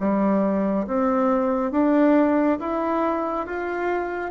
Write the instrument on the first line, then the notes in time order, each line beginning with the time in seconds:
bassoon
0.00 G3
0.87 C4
1.72 D4
2.60 E4
3.46 F4